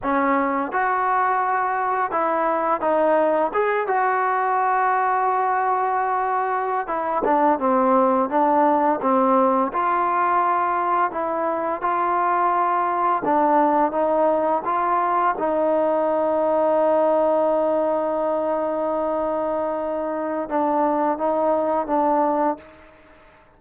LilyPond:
\new Staff \with { instrumentName = "trombone" } { \time 4/4 \tempo 4 = 85 cis'4 fis'2 e'4 | dis'4 gis'8 fis'2~ fis'8~ | fis'4.~ fis'16 e'8 d'8 c'4 d'16~ | d'8. c'4 f'2 e'16~ |
e'8. f'2 d'4 dis'16~ | dis'8. f'4 dis'2~ dis'16~ | dis'1~ | dis'4 d'4 dis'4 d'4 | }